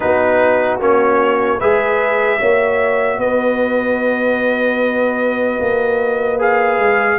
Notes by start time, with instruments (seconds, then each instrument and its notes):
0.00 tuba B3, trombone D#4, horn F#4, trumpet B4
0.79 tuba A#3, trombone C#4, trumpet C#5
1.58 tuba G#3, trombone G#4, horn B4, trumpet E5
2.38 tuba A#3, trombone F#4, horn C#5
3.18 tuba B3, horn B4, trumpet D#5
5.60 tuba A#3
6.39 trombone G#4, trumpet F5
6.78 tuba G#3